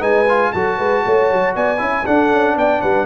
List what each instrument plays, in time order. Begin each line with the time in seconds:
0.00 tuba G#3, trombone D#4, horn B4, trumpet G#5
0.29 trombone F4
0.53 tuba F#3, trombone F#4, horn A4, trumpet A5
0.78 tuba G#3, horn B4
1.06 tuba A3, horn C#5
1.31 tuba F#3
1.56 tuba B3, horn D5, trumpet G#5
1.78 tuba C#4, trombone E4, horn E5
2.06 trombone D4, tuba D4, horn A4, trumpet F#5
2.33 tuba C#4
2.56 tuba B3, horn D5, trumpet G5
2.82 tuba G3, horn B4, trumpet F#5